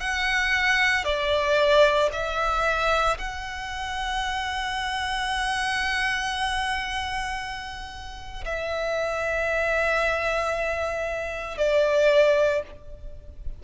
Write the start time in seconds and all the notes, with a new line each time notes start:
0.00 F#5
1.05 D5
2.12 E5
3.18 F#5
8.45 E5
11.58 D5